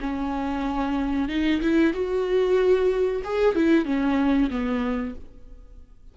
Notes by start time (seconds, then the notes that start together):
0.00 C#4
1.28 D#4
1.61 E4
1.93 F#4
3.24 G#4
3.55 E4
3.85 C#4
4.50 B3